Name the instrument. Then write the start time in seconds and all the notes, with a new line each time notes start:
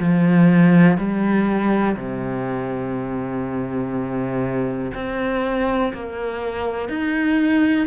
cello
0.00 F3
0.98 G3
1.97 C3
4.94 C4
5.94 A#3
6.89 D#4